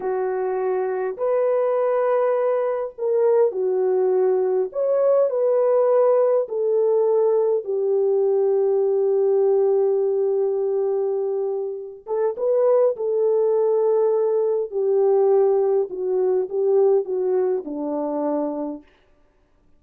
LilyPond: \new Staff \with { instrumentName = "horn" } { \time 4/4 \tempo 4 = 102 fis'2 b'2~ | b'4 ais'4 fis'2 | cis''4 b'2 a'4~ | a'4 g'2.~ |
g'1~ | g'8 a'8 b'4 a'2~ | a'4 g'2 fis'4 | g'4 fis'4 d'2 | }